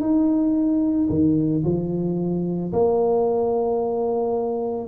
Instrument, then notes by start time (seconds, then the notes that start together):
tuba
0.00 D#4
1.09 D#3
1.64 F3
2.73 A#3